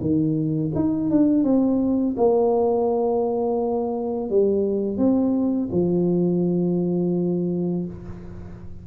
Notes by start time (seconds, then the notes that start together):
0.00 D#3
0.74 D#4
1.10 D4
1.44 C4
2.17 A#3
4.30 G3
4.97 C4
5.71 F3